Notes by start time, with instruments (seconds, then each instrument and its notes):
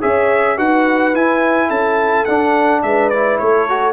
0.00 tuba C#4, trombone G#4, horn C#5, trumpet E5
0.57 tuba D#4, trombone F#4, horn B4, trumpet F#5
1.14 trombone E4, tuba E4, trumpet G#5
1.68 tuba C#4, horn A4, trumpet A5
2.25 trombone D4, tuba D4, trumpet F#5
2.83 tuba G#3, horn B4, trumpet E5
3.09 trombone E4, trumpet D5
3.38 tuba A3, horn A4, trumpet C#5
3.69 trombone F#4